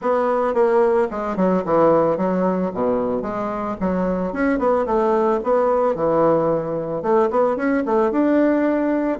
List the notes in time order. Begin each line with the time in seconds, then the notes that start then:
0.01 B3
0.54 A#3
1.10 G#3
1.36 F#3
1.65 E3
2.17 F#3
2.73 B2
3.22 G#3
3.80 F#3
4.32 C#4
4.58 B3
4.86 A3
5.43 B3
5.95 E3
7.02 A3
7.30 B3
7.56 C#4
7.85 A3
8.11 D4